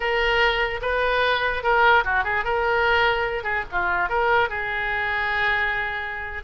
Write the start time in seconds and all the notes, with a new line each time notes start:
0.00 A#4
0.81 B4
1.63 A#4
2.04 F#4
2.24 G#4
2.44 A#4
3.43 G#4
3.71 F4
4.09 A#4
4.49 G#4